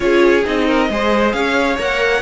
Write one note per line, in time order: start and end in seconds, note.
0.00 0.45 C#4
0.00 0.43 F4
0.00 0.67 G#4
0.00 0.45 C#5
0.44 0.89 C4
0.44 0.89 D#4
0.44 1.31 D#5
0.67 0.89 A#4
0.89 1.33 G#3
0.89 1.78 G#4
0.89 1.35 C5
1.31 1.78 C#4
1.31 2.21 C#5
1.31 1.76 F5
1.78 2.21 A#3
1.78 2.21 A#4
1.78 2.21 F#5